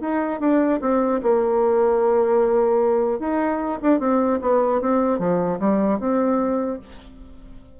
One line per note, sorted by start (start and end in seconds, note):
0.00 0.40 D#4
0.40 0.80 D4
0.81 1.21 C4
1.22 3.19 A#3
3.19 3.79 D#4
3.82 3.99 D4
3.99 4.39 C4
4.41 4.81 B3
4.81 5.19 C4
5.19 5.59 F3
5.59 5.99 G3
5.99 6.79 C4